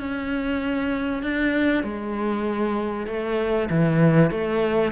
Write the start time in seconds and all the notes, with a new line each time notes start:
0.00 C#4
1.23 D4
1.84 G#3
3.07 A3
3.71 E3
4.32 A3